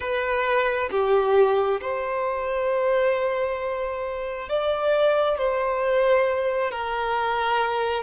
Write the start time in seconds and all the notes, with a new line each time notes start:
0.00 B4
0.90 G4
1.81 C5
4.49 D5
5.37 C5
6.71 A#4